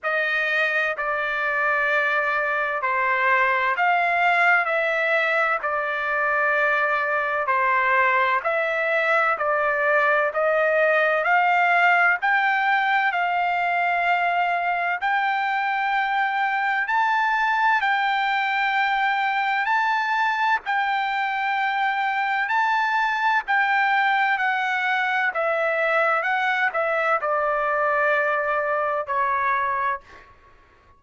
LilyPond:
\new Staff \with { instrumentName = "trumpet" } { \time 4/4 \tempo 4 = 64 dis''4 d''2 c''4 | f''4 e''4 d''2 | c''4 e''4 d''4 dis''4 | f''4 g''4 f''2 |
g''2 a''4 g''4~ | g''4 a''4 g''2 | a''4 g''4 fis''4 e''4 | fis''8 e''8 d''2 cis''4 | }